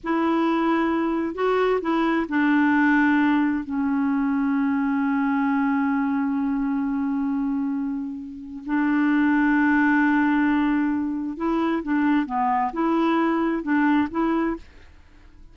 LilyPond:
\new Staff \with { instrumentName = "clarinet" } { \time 4/4 \tempo 4 = 132 e'2. fis'4 | e'4 d'2. | cis'1~ | cis'1~ |
cis'2. d'4~ | d'1~ | d'4 e'4 d'4 b4 | e'2 d'4 e'4 | }